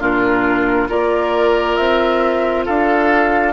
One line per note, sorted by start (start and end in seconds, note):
0.00 0.89 A#2
0.00 0.89 D4
0.00 0.88 F4
0.00 0.90 A#4
0.89 1.78 A#3
0.89 3.54 F4
0.89 2.66 A#4
0.89 1.76 D5
1.76 2.67 C4
1.76 2.65 E5
2.66 3.54 D4
2.66 3.54 A4
2.66 3.54 F5